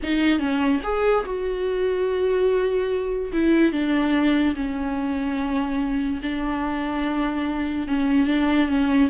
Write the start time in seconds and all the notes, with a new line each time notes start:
0.02 D#4
0.39 C#4
0.83 G#4
1.25 F#4
3.32 E4
3.72 D4
4.55 C#4
6.22 D4
7.87 C#4
8.26 D4
8.68 C#4